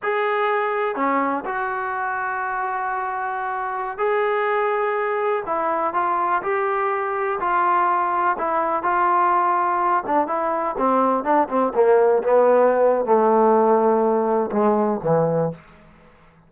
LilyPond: \new Staff \with { instrumentName = "trombone" } { \time 4/4 \tempo 4 = 124 gis'2 cis'4 fis'4~ | fis'1~ | fis'16 gis'2. e'8.~ | e'16 f'4 g'2 f'8.~ |
f'4~ f'16 e'4 f'4.~ f'16~ | f'8. d'8 e'4 c'4 d'8 c'16~ | c'16 ais4 b4.~ b16 a4~ | a2 gis4 e4 | }